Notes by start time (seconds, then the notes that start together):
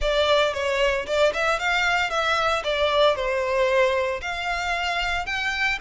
0.01 D5
0.53 C#5
1.06 D5
1.33 E5
1.59 F5
2.10 E5
2.64 D5
3.15 C5
4.21 F5
5.26 G5